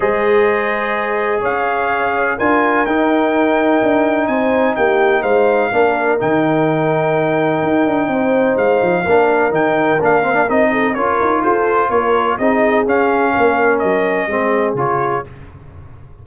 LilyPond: <<
  \new Staff \with { instrumentName = "trumpet" } { \time 4/4 \tempo 4 = 126 dis''2. f''4~ | f''4 gis''4 g''2~ | g''4 gis''4 g''4 f''4~ | f''4 g''2.~ |
g''2 f''2 | g''4 f''4 dis''4 cis''4 | c''4 cis''4 dis''4 f''4~ | f''4 dis''2 cis''4 | }
  \new Staff \with { instrumentName = "horn" } { \time 4/4 c''2. cis''4~ | cis''4 ais'2.~ | ais'4 c''4 g'4 c''4 | ais'1~ |
ais'4 c''2 ais'4~ | ais'2~ ais'8 a'8 ais'4 | a'4 ais'4 gis'2 | ais'2 gis'2 | }
  \new Staff \with { instrumentName = "trombone" } { \time 4/4 gis'1~ | gis'4 f'4 dis'2~ | dis'1 | d'4 dis'2.~ |
dis'2. d'4 | dis'4 d'8 c'16 d'16 dis'4 f'4~ | f'2 dis'4 cis'4~ | cis'2 c'4 f'4 | }
  \new Staff \with { instrumentName = "tuba" } { \time 4/4 gis2. cis'4~ | cis'4 d'4 dis'2 | d'4 c'4 ais4 gis4 | ais4 dis2. |
dis'8 d'8 c'4 gis8 f8 ais4 | dis4 ais4 c'4 cis'8 dis'8 | f'4 ais4 c'4 cis'4 | ais4 fis4 gis4 cis4 | }
>>